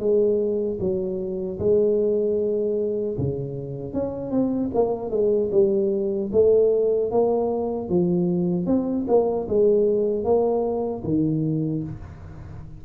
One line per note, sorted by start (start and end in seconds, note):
0.00 0.79 G#3
0.80 1.59 F#3
1.60 3.18 G#3
3.18 3.94 C#3
3.94 4.31 C#4
4.31 4.71 C4
4.75 5.11 A#3
5.11 5.50 G#3
5.52 6.31 G3
6.33 7.12 A3
7.12 7.89 A#3
7.89 8.67 F3
8.67 9.06 C4
9.08 9.48 A#3
9.49 10.25 G#3
10.25 11.03 A#3
11.05 11.83 D#3